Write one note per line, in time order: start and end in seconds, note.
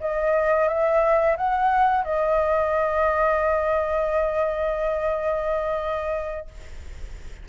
0.00 0.68 D#5
0.68 1.36 E5
1.37 2.04 F#5
2.04 6.47 D#5